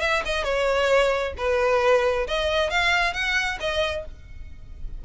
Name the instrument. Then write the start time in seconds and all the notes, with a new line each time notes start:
violin
0.00 E5
0.25 D#5
0.44 C#5
1.37 B4
2.27 D#5
2.70 F5
3.13 F#5
3.60 D#5